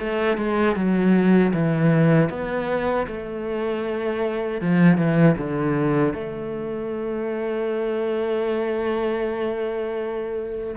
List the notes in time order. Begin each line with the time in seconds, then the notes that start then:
0.00 A3
0.38 G#3
0.76 F#3
1.53 E3
2.30 B3
3.07 A3
4.62 F3
4.98 E3
5.38 D3
6.14 A3